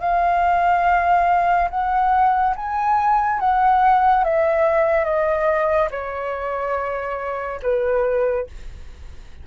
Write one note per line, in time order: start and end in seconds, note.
0.00 1.69 F5
1.70 2.55 F#5
2.56 3.40 G#5
3.40 4.24 F#5
4.24 5.04 E5
5.04 5.89 D#5
5.91 7.60 C#5
7.62 8.47 B4